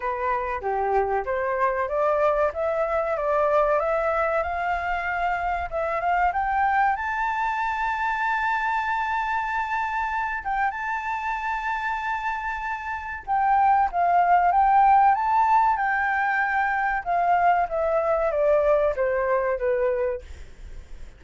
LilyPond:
\new Staff \with { instrumentName = "flute" } { \time 4/4 \tempo 4 = 95 b'4 g'4 c''4 d''4 | e''4 d''4 e''4 f''4~ | f''4 e''8 f''8 g''4 a''4~ | a''1~ |
a''8 g''8 a''2.~ | a''4 g''4 f''4 g''4 | a''4 g''2 f''4 | e''4 d''4 c''4 b'4 | }